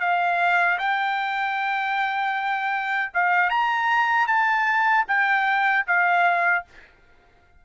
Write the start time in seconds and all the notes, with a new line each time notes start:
0.00 F5
0.78 G5
3.13 F5
3.50 A#5
4.27 A5
5.08 G5
5.87 F5